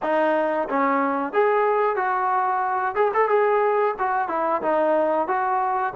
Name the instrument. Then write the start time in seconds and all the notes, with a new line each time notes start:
trombone
0.02 D#4
0.69 C#4
1.32 G#4
1.96 F#4
2.95 G#4
3.14 A4
3.28 G#4
3.98 F#4
4.28 E4
4.62 D#4
5.27 F#4